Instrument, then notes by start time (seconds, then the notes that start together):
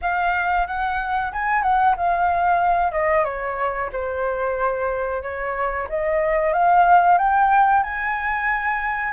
flute
0.01 F5
0.66 F#5
1.32 G#5
1.62 F#5
1.97 F5
2.92 D#5
3.24 C#5
3.92 C5
5.22 C#5
5.89 D#5
6.53 F5
7.17 G5
7.83 G#5